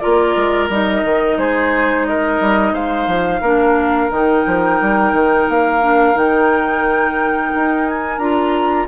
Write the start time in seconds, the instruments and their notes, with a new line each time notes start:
0.00 bassoon A#3, clarinet F4, oboe A#4, flute D5
0.37 bassoon G#3
0.69 bassoon G3, clarinet D#4, flute D#5
1.04 bassoon D#3
1.38 bassoon G#3, oboe G#4, flute C5
2.06 oboe A#4, flute D#5
2.41 bassoon G3
2.73 bassoon G#3, oboe C5, flute F5
3.07 bassoon F3
3.42 bassoon A#3, clarinet D4, oboe A#4
4.11 bassoon D#3, clarinet D#4, flute G5
4.47 bassoon F3
4.81 bassoon G3
5.13 bassoon D#3
5.49 bassoon A#3, flute F5
5.82 clarinet D4
6.14 bassoon D#3, clarinet D#4, flute G5
7.55 bassoon D#4
7.87 flute G#5
8.19 bassoon D4, clarinet F4, flute A#5